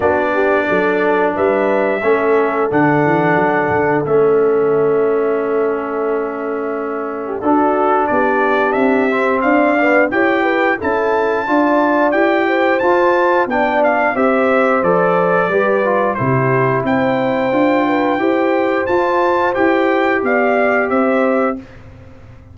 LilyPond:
<<
  \new Staff \with { instrumentName = "trumpet" } { \time 4/4 \tempo 4 = 89 d''2 e''2 | fis''2 e''2~ | e''2. a'4 | d''4 e''4 f''4 g''4 |
a''2 g''4 a''4 | g''8 f''8 e''4 d''2 | c''4 g''2. | a''4 g''4 f''4 e''4 | }
  \new Staff \with { instrumentName = "horn" } { \time 4/4 fis'8 g'8 a'4 b'4 a'4~ | a'1~ | a'2~ a'8. g'16 fis'4 | g'2 d''4 cis''8 b'8 |
a'4 d''4. c''4. | d''4 c''2 b'4 | g'4 c''4. b'8 c''4~ | c''2 d''4 c''4 | }
  \new Staff \with { instrumentName = "trombone" } { \time 4/4 d'2. cis'4 | d'2 cis'2~ | cis'2. d'4~ | d'4. c'4 b8 g'4 |
e'4 f'4 g'4 f'4 | d'4 g'4 a'4 g'8 f'8 | e'2 f'4 g'4 | f'4 g'2. | }
  \new Staff \with { instrumentName = "tuba" } { \time 4/4 b4 fis4 g4 a4 | d8 e8 fis8 d8 a2~ | a2. d'4 | b4 c'4 d'4 e'4 |
cis'4 d'4 e'4 f'4 | b4 c'4 f4 g4 | c4 c'4 d'4 e'4 | f'4 e'4 b4 c'4 | }
>>